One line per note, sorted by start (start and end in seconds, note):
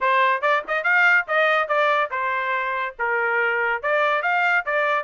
0.00 0.41 C5
0.41 0.62 D5
0.67 0.83 D#5
0.83 1.25 F5
1.27 1.67 D#5
1.67 2.10 D5
2.10 2.95 C5
2.98 3.82 A#4
3.82 4.22 D5
4.22 4.64 F5
4.65 5.04 D5